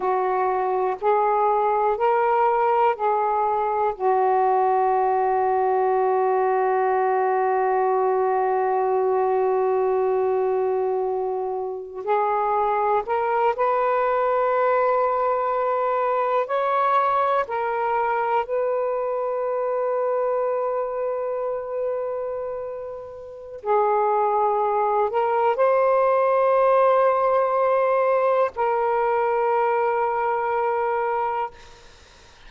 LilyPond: \new Staff \with { instrumentName = "saxophone" } { \time 4/4 \tempo 4 = 61 fis'4 gis'4 ais'4 gis'4 | fis'1~ | fis'1~ | fis'16 gis'4 ais'8 b'2~ b'16~ |
b'8. cis''4 ais'4 b'4~ b'16~ | b'1 | gis'4. ais'8 c''2~ | c''4 ais'2. | }